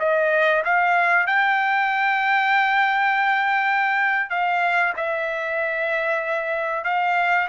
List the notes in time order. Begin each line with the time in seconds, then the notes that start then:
0.00 D#5
0.65 F5
1.27 G5
4.30 F5
4.97 E5
6.85 F5